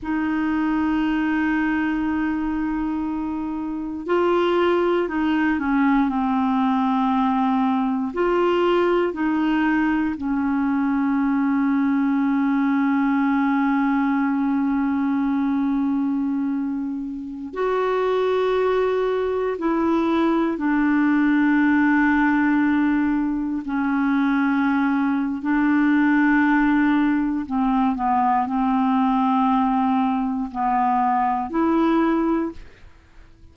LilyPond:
\new Staff \with { instrumentName = "clarinet" } { \time 4/4 \tempo 4 = 59 dis'1 | f'4 dis'8 cis'8 c'2 | f'4 dis'4 cis'2~ | cis'1~ |
cis'4~ cis'16 fis'2 e'8.~ | e'16 d'2. cis'8.~ | cis'4 d'2 c'8 b8 | c'2 b4 e'4 | }